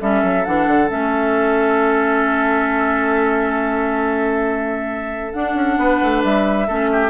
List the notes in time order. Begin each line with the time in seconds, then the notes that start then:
0.00 G3 C#4 A4 E5
0.24 F#3
0.45 E3 D4 F#5
0.67 D3
0.88 A3 C#4 E5
5.33 D4 F#5
5.55 C#4
5.78 B3 B4
6.03 A3
6.24 G3 E5
6.67 A3 C#4 A4
6.92 G4